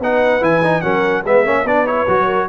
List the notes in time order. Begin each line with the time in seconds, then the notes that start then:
0.00 B3 D#4 B4 F#5
0.41 E3 E4 G#5
0.64 D#4
0.81 F#3 C#4 A#4 F#5
1.23 G#3 B3 B4 E5
1.45 A#3 C#4 C#5
1.64 B3 D4 B4 D5
1.86 E4 C#5
2.08 F#3 F#4
2.26 A#4